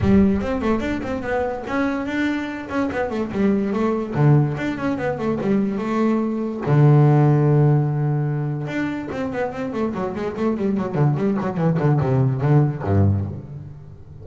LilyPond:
\new Staff \with { instrumentName = "double bass" } { \time 4/4 \tempo 4 = 145 g4 c'8 a8 d'8 c'8 b4 | cis'4 d'4. cis'8 b8 a8 | g4 a4 d4 d'8 cis'8 | b8 a8 g4 a2 |
d1~ | d4 d'4 c'8 b8 c'8 a8 | fis8 gis8 a8 g8 fis8 d8 g8 fis8 | e8 d8 c4 d4 g,4 | }